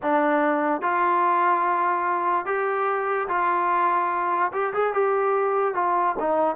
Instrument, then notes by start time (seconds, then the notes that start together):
trombone
0.02 D4
0.81 F4
2.45 G4
3.28 F4
4.52 G4
4.73 G#4
4.93 G4
5.74 F4
6.19 D#4